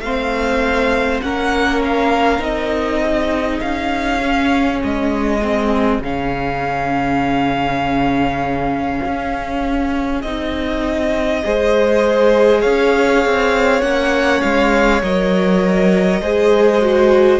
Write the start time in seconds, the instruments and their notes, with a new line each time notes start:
0.00 cello A3, viola C4, violin C5 F5
1.21 cello A#3, viola C#4, violin A#4 F#5
1.84 violin F5
2.39 cello C4, viola D#4, violin D#5
3.04 violin G#4
3.60 cello C#4, violin F5
4.20 viola C#4
4.83 cello G#3, violin D#5
5.42 viola C4
5.99 cello C#3, viola C#4, violin F5
9.05 cello C#4
10.21 cello C4, viola D#4, violin D#5
11.44 cello G#3, viola G#4, violin C5
12.61 cello C#4, violin C#5 F5
13.25 cello C4
13.80 cello A#3, viola C#4, violin F#5
14.41 cello G#3, violin F5
15.02 cello F#3, viola A#4, violin D#5
16.21 cello G#3, viola G#4, violin C5
16.81 viola F#4